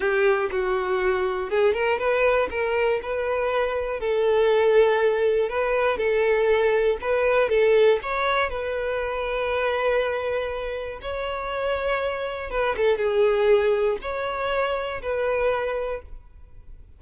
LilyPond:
\new Staff \with { instrumentName = "violin" } { \time 4/4 \tempo 4 = 120 g'4 fis'2 gis'8 ais'8 | b'4 ais'4 b'2 | a'2. b'4 | a'2 b'4 a'4 |
cis''4 b'2.~ | b'2 cis''2~ | cis''4 b'8 a'8 gis'2 | cis''2 b'2 | }